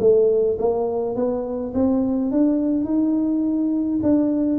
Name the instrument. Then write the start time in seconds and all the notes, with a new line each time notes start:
tuba
0.00 A3
0.59 A#3
1.16 B3
1.75 C4
2.32 D4
2.85 D#4
4.03 D4